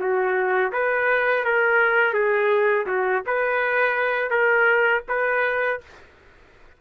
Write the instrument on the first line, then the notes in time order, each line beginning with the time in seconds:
trumpet
0.00 F#4
0.73 B4
1.45 A#4
2.14 G#4
2.87 F#4
3.27 B4
4.31 A#4
5.09 B4